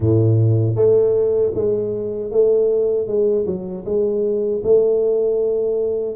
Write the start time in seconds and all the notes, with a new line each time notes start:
0.00 A2
0.75 A3
1.54 G#3
2.31 A3
3.07 G#3
3.46 F#3
3.85 G#3
4.63 A3